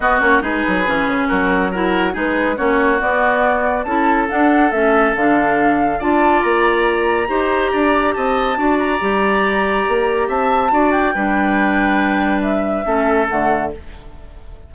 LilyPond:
<<
  \new Staff \with { instrumentName = "flute" } { \time 4/4 \tempo 4 = 140 dis''8 cis''8 b'2 ais'4 | fis'4 b'4 cis''4 d''4~ | d''4 a''4 fis''4 e''4 | f''2 a''4 ais''4~ |
ais''2. a''4~ | a''8 ais''2.~ ais''8 | a''4. g''2~ g''8~ | g''4 e''2 fis''4 | }
  \new Staff \with { instrumentName = "oboe" } { \time 4/4 fis'4 gis'2 fis'4 | ais'4 gis'4 fis'2~ | fis'4 a'2.~ | a'2 d''2~ |
d''4 c''4 d''4 dis''4 | d''1 | e''4 d''4 b'2~ | b'2 a'2 | }
  \new Staff \with { instrumentName = "clarinet" } { \time 4/4 b8 cis'8 dis'4 cis'2 | e'4 dis'4 cis'4 b4~ | b4 e'4 d'4 cis'4 | d'2 f'2~ |
f'4 g'2. | fis'4 g'2.~ | g'4 fis'4 d'2~ | d'2 cis'4 a4 | }
  \new Staff \with { instrumentName = "bassoon" } { \time 4/4 b8 ais8 gis8 fis8 e8 cis8 fis4~ | fis4 gis4 ais4 b4~ | b4 cis'4 d'4 a4 | d2 d'4 ais4~ |
ais4 dis'4 d'4 c'4 | d'4 g2 ais4 | c'4 d'4 g2~ | g2 a4 d4 | }
>>